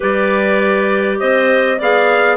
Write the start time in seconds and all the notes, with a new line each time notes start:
0.00 G3 G4 B4 D5
1.19 C4 C5 D#5
1.77 B3 G#4 D5 F5